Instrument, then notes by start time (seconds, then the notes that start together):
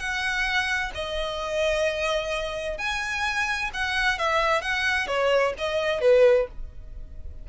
violin
0.00 F#5
0.95 D#5
2.78 G#5
3.74 F#5
4.19 E5
4.62 F#5
5.08 C#5
5.59 D#5
6.01 B4